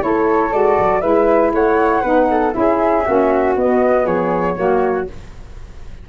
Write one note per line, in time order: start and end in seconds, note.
0.00 0.53 A3
0.00 0.50 E4
0.00 1.01 A4
0.00 0.52 C#5
0.51 0.78 G#3
0.51 1.01 F#4
0.51 1.01 D5
0.79 1.03 F#3
1.01 1.53 G#3
1.01 2.02 E4
1.01 1.51 B4
1.01 1.51 E5
1.53 2.03 A3
1.53 2.02 C#5
1.53 2.53 F#5
2.02 2.54 B3
2.02 2.52 D#4
2.02 2.27 B4
2.30 2.55 A4
2.52 3.06 C#4
2.52 3.03 E4
2.52 3.06 G#4
2.52 3.54 E5
3.06 3.56 A#3
3.06 3.56 C#4
3.06 4.05 F#4
3.56 4.06 B3
3.56 4.56 B3
3.56 4.06 D#5
4.05 4.56 F3
4.05 4.55 G#4
4.05 5.07 C#5
4.56 5.07 F#3
4.56 5.06 A#3
4.56 5.09 F#4